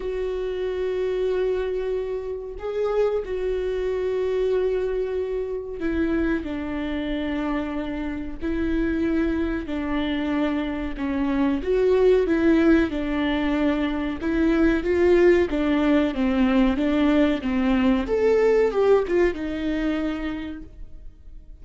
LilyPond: \new Staff \with { instrumentName = "viola" } { \time 4/4 \tempo 4 = 93 fis'1 | gis'4 fis'2.~ | fis'4 e'4 d'2~ | d'4 e'2 d'4~ |
d'4 cis'4 fis'4 e'4 | d'2 e'4 f'4 | d'4 c'4 d'4 c'4 | a'4 g'8 f'8 dis'2 | }